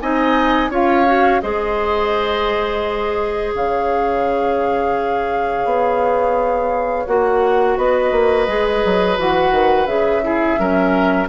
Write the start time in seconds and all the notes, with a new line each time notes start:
0.00 C4 D#4 D#5 G#5
0.69 C#4 F4 C#5 F5
1.05 F#4
1.41 G#3 G#4 C5 D#5
3.54 C#3 C#5 F5
5.65 B3
7.06 A#3 F#4 F#5
7.77 B3 B4 D#5
8.11 A#3
8.47 G#3 G#4
8.84 F#3
9.17 E3 F#4 F#5
9.51 D#3
9.86 C#3 G#4 E5
10.22 E4 G#4
10.57 F#3 C#4 A#4